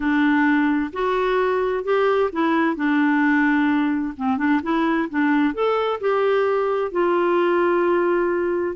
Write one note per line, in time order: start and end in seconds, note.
0.00 0.91 D4
0.92 1.84 F#4
1.84 2.30 G4
2.32 2.76 E4
2.76 4.14 D4
4.16 4.37 C4
4.37 4.60 D4
4.62 5.09 E4
5.09 5.53 D4
5.53 6.00 A4
6.00 6.91 G4
6.91 8.76 F4